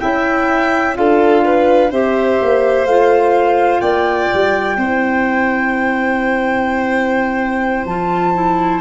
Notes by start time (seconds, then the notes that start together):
0.00 C#4 E4 E5 G5
0.95 D4 F4 A4 F5
1.45 B4
1.91 C4 G4 C5 E5
2.41 A#3
2.85 A3 F4 F5
3.81 A#3 D5 G5
4.34 G3
4.77 C4 E4 C5
7.85 F3 F4 A5
8.34 E4